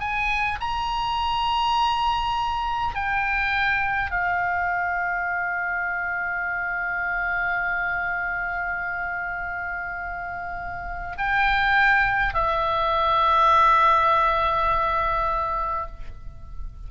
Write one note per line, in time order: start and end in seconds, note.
0.00 0.59 G#5
0.60 2.95 A#5
2.95 4.10 G5
4.10 11.16 F5
11.18 12.34 G5
12.34 15.87 E5